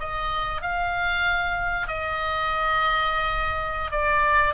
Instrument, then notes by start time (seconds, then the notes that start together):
oboe
0.00 D#5
0.62 F5
1.88 D#5
3.92 D5